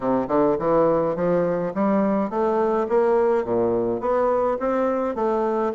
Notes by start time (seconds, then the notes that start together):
0.00 C3
0.28 D3
0.58 E3
1.15 F3
1.74 G3
2.29 A3
2.88 A#3
3.44 A#2
4.00 B3
4.59 C4
5.15 A3